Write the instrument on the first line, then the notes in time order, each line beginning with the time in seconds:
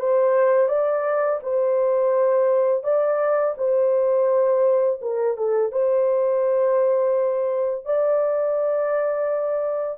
horn
0.00 C5
0.69 D5
1.43 C5
2.84 D5
3.57 C5
5.02 A#4
5.37 A4
5.72 C5
7.85 D5